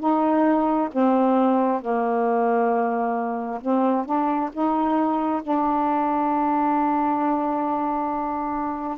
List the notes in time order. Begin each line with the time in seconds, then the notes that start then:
0.00 D#4
0.93 C4
1.82 A#3
3.61 C4
4.06 D4
4.53 D#4
5.43 D4